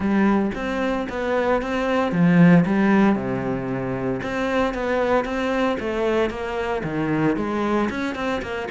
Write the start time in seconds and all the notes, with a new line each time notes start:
0.00 G3
0.55 C4
1.09 B3
1.61 C4
2.12 F3
2.65 G3
3.15 C3
4.22 C4
4.73 B3
5.24 C4
5.79 A3
6.29 A#3
6.83 D#3
7.36 G#3
7.89 C#4
8.15 C4
8.41 A#3